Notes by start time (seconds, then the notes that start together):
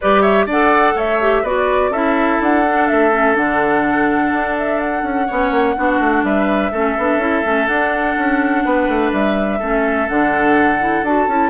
0.01 G3 G4 B4 D5
0.21 C#5 E5
0.46 D4 A4 D5 F#5
0.94 A3 C#5 E5
1.21 G4
1.42 B3 F#4 B4 D5
1.90 C#4 E4 A4 E5
2.41 D4 F#5
2.66 D4
2.87 A3 E5
3.12 C#4
3.34 D3 D4 F#5
4.32 D4
4.58 E5
4.79 F#5
5.03 C#4
5.27 B3 C#4 C#5
5.50 A#3
5.76 B3 D4 F#4
5.99 A3
6.23 G3 B4 E5
6.71 A3 C#4 A4
6.97 B3 D4
7.17 C#4 E4
7.43 A3 C#4
7.66 D4 F#5
8.17 C#4
8.64 B3 B4
8.88 A3
9.12 G3 E5
9.59 A3 C#4 A4
10.08 D3 D4 F#5
10.79 E4
11.02 D4 F#4 A5
11.27 C#4 E4